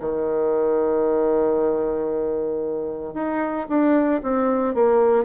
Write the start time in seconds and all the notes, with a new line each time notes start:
0.00 D#3
3.14 D#4
3.68 D4
4.23 C4
4.75 A#3